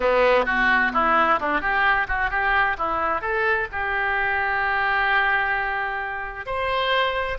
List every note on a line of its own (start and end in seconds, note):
0.00 0.45 B3
0.45 0.91 F#4
0.93 1.39 E4
1.40 1.60 D4
1.60 2.07 G4
2.07 2.30 F#4
2.30 2.76 G4
2.78 3.21 E4
3.21 3.67 A4
3.72 6.46 G4
6.46 7.38 C5